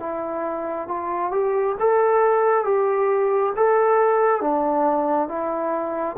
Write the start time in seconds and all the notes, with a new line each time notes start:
0.00 E4
0.88 F4
1.32 G4
1.80 A4
2.65 G4
3.57 A4
4.41 D4
5.29 E4